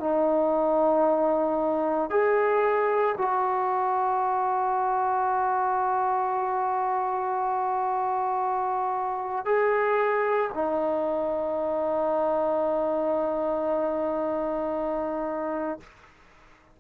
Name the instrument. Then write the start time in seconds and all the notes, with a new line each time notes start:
trombone
0.00 D#4
2.11 G#4
3.18 F#4
9.45 G#4
10.54 D#4